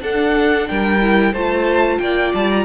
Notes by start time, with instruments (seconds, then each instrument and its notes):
0.00 viola D4, cello D4, violin A4 F#5
0.68 cello G3, violin A#4 G5
1.01 viola E4
1.32 cello A3, viola F4, violin C5 A5
1.99 cello A#3, violin D5 G5
2.34 cello G3, violin A5
2.50 violin A#5